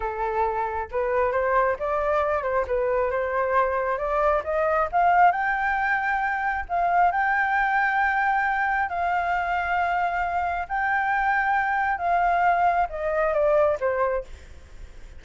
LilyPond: \new Staff \with { instrumentName = "flute" } { \time 4/4 \tempo 4 = 135 a'2 b'4 c''4 | d''4. c''8 b'4 c''4~ | c''4 d''4 dis''4 f''4 | g''2. f''4 |
g''1 | f''1 | g''2. f''4~ | f''4 dis''4 d''4 c''4 | }